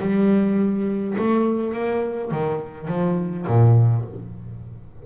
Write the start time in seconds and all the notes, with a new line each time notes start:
0.00 G3
1.18 A3
1.73 A#3
2.31 D#3
2.88 F3
3.47 A#2